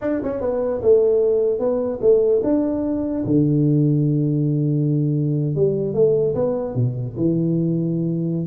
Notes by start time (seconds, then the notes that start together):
0.01 D4
0.23 C#4
0.40 B3
0.82 A3
1.59 B3
2.01 A3
2.43 D4
3.25 D3
5.55 G3
5.94 A3
6.34 B3
6.74 B2
7.16 E3